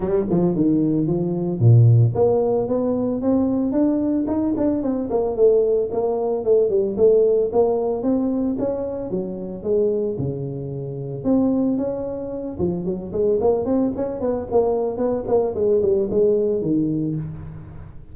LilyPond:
\new Staff \with { instrumentName = "tuba" } { \time 4/4 \tempo 4 = 112 g8 f8 dis4 f4 ais,4 | ais4 b4 c'4 d'4 | dis'8 d'8 c'8 ais8 a4 ais4 | a8 g8 a4 ais4 c'4 |
cis'4 fis4 gis4 cis4~ | cis4 c'4 cis'4. f8 | fis8 gis8 ais8 c'8 cis'8 b8 ais4 | b8 ais8 gis8 g8 gis4 dis4 | }